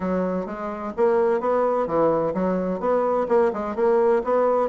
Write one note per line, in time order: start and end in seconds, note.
0.00 0.46 F#3
0.46 0.92 G#3
0.97 1.40 A#3
1.40 1.86 B3
1.86 2.33 E3
2.34 2.80 F#3
2.80 3.27 B3
3.28 3.51 A#3
3.53 3.75 G#3
3.75 4.22 A#3
4.24 4.69 B3